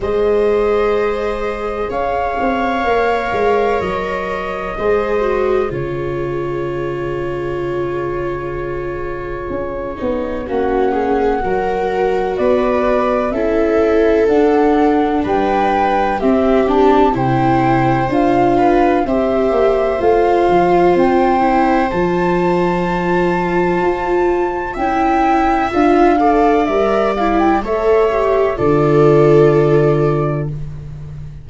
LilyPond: <<
  \new Staff \with { instrumentName = "flute" } { \time 4/4 \tempo 4 = 63 dis''2 f''2 | dis''2 cis''2~ | cis''2. fis''4~ | fis''4 d''4 e''4 fis''4 |
g''4 e''8 a''8 g''4 f''4 | e''4 f''4 g''4 a''4~ | a''2 g''4 f''4 | e''8 f''16 g''16 e''4 d''2 | }
  \new Staff \with { instrumentName = "viola" } { \time 4/4 c''2 cis''2~ | cis''4 c''4 gis'2~ | gis'2. fis'8 gis'8 | ais'4 b'4 a'2 |
b'4 g'4 c''4. b'8 | c''1~ | c''2 e''4. d''8~ | d''4 cis''4 a'2 | }
  \new Staff \with { instrumentName = "viola" } { \time 4/4 gis'2. ais'4~ | ais'4 gis'8 fis'8 f'2~ | f'2~ f'8 dis'8 cis'4 | fis'2 e'4 d'4~ |
d'4 c'8 d'8 e'4 f'4 | g'4 f'4. e'8 f'4~ | f'2 e'4 f'8 a'8 | ais'8 e'8 a'8 g'8 f'2 | }
  \new Staff \with { instrumentName = "tuba" } { \time 4/4 gis2 cis'8 c'8 ais8 gis8 | fis4 gis4 cis2~ | cis2 cis'8 b8 ais4 | fis4 b4 cis'4 d'4 |
g4 c'4 c4 d'4 | c'8 ais8 a8 f8 c'4 f4~ | f4 f'4 cis'4 d'4 | g4 a4 d2 | }
>>